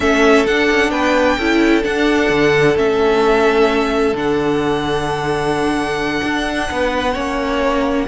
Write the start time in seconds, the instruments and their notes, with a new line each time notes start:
0.00 cello A3, viola C#4, violin A4 E5
0.46 cello D4, viola D4, violin F#5
0.70 cello C#4
0.90 cello B3, violin B4 G5
1.37 cello C#4, viola E4, violin A4
1.82 viola D4, cello D4, violin F#5
2.29 cello D3
2.75 cello A3, viola C#4, violin E5
4.13 cello D3, viola D4, violin F#5
6.23 cello D4
6.71 cello B3, violin B4
7.12 cello A#3, viola C#4, violin C#5